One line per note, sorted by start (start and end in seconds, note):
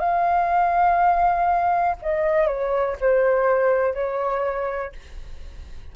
0.00 1.97 F5
2.03 2.47 D#5
2.47 2.96 C#5
3.01 3.95 C5
3.95 4.93 C#5